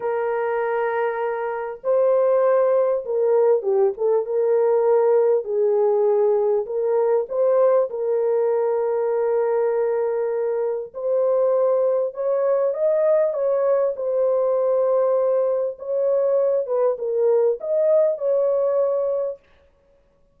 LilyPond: \new Staff \with { instrumentName = "horn" } { \time 4/4 \tempo 4 = 99 ais'2. c''4~ | c''4 ais'4 g'8 a'8 ais'4~ | ais'4 gis'2 ais'4 | c''4 ais'2.~ |
ais'2 c''2 | cis''4 dis''4 cis''4 c''4~ | c''2 cis''4. b'8 | ais'4 dis''4 cis''2 | }